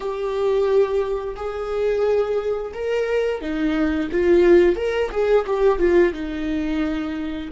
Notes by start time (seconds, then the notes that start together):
0.00 G4
1.35 G#4
2.73 A#4
3.41 D#4
4.11 F4
4.75 A#4
5.11 G#4
5.46 G4
5.79 F4
6.13 D#4